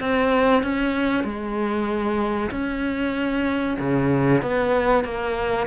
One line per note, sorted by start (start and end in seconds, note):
0.00 0.63 C4
0.63 1.24 C#4
1.24 2.51 G#3
2.51 3.77 C#4
3.80 4.42 C#3
4.42 5.05 B3
5.05 5.67 A#3